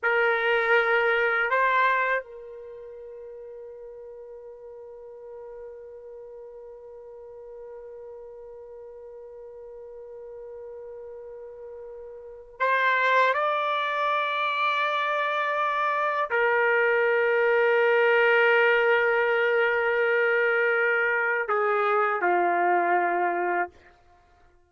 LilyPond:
\new Staff \with { instrumentName = "trumpet" } { \time 4/4 \tempo 4 = 81 ais'2 c''4 ais'4~ | ais'1~ | ais'1~ | ais'1~ |
ais'4 c''4 d''2~ | d''2 ais'2~ | ais'1~ | ais'4 gis'4 f'2 | }